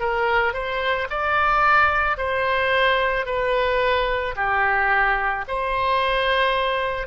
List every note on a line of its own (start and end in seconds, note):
0.00 0.54 A#4
0.54 1.08 C5
1.10 2.18 D5
2.18 3.26 C5
3.26 4.35 B4
4.36 5.45 G4
5.48 7.07 C5